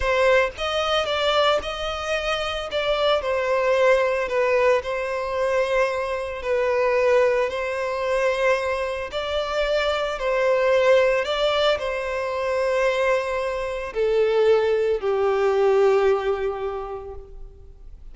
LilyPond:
\new Staff \with { instrumentName = "violin" } { \time 4/4 \tempo 4 = 112 c''4 dis''4 d''4 dis''4~ | dis''4 d''4 c''2 | b'4 c''2. | b'2 c''2~ |
c''4 d''2 c''4~ | c''4 d''4 c''2~ | c''2 a'2 | g'1 | }